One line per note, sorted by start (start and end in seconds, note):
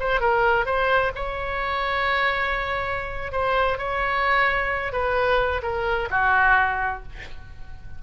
0.00 0.21 C5
0.21 0.66 A#4
0.66 1.12 C5
1.16 3.33 C#5
3.33 3.79 C5
3.79 4.93 C#5
4.93 5.62 B4
5.63 6.09 A#4
6.11 7.03 F#4